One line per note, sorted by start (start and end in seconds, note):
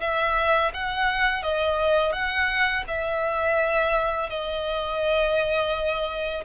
0.00 0.71 E5
0.73 1.43 F#5
1.43 2.12 D#5
2.12 2.83 F#5
2.87 4.29 E5
4.29 6.44 D#5